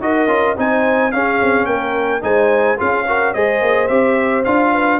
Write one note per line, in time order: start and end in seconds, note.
0.00 0.27 D#4
0.00 0.28 F#4
0.00 0.58 A#4
0.00 0.57 D#5
0.27 0.55 C#4
0.27 0.56 F4
0.57 1.14 C4
0.57 1.13 D#4
0.57 1.14 C5
0.57 1.12 G#5
1.12 2.22 C#4
1.12 1.41 C#4
1.12 1.68 G#4
1.12 1.66 F5
1.42 1.66 C4
1.66 2.22 A#3
1.66 2.23 A#4
1.66 2.21 G5
2.22 2.78 G#3
2.22 2.77 D#4
2.22 2.78 C5
2.22 2.79 G#5
2.77 3.35 C#4
2.77 3.05 F4
2.77 3.06 G#4
2.77 3.34 F5
3.07 3.35 F#4
3.07 3.34 A#4
3.34 3.61 G#3
3.34 3.89 G#4
3.34 4.72 C5
3.34 3.88 D#5
3.61 3.89 A#3
3.88 4.45 C4
3.88 4.45 G4
3.88 4.44 E5
4.45 5.00 D4
4.45 5.00 F4
4.45 5.00 F5
4.72 5.00 B4